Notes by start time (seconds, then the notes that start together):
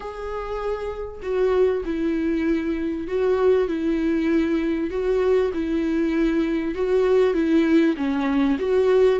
0.00 G#4
1.22 F#4
1.85 E4
3.08 F#4
3.68 E4
4.90 F#4
5.53 E4
6.74 F#4
7.34 E4
7.96 C#4
8.59 F#4